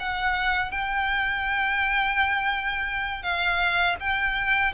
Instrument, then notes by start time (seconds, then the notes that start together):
violin
0.00 F#5
0.72 G5
3.23 F5
4.00 G5